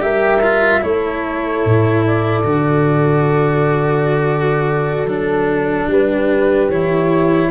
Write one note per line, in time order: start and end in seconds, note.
0.00 0.81 G3
0.00 0.41 G4
0.00 0.81 A#4
0.00 0.83 E5
0.41 0.81 F4
0.81 1.64 A3
0.81 2.43 E4
0.81 5.88 A4
0.81 2.04 C#5
1.65 2.44 A2
2.06 5.08 D5
2.44 5.05 D3
2.44 5.07 F#4
5.05 5.86 F#3
5.05 6.70 D4
5.05 5.89 A4
5.87 6.68 G3
5.87 7.50 G4
5.87 6.70 B4
6.69 7.50 E3
6.69 7.50 E4
6.69 7.50 C#5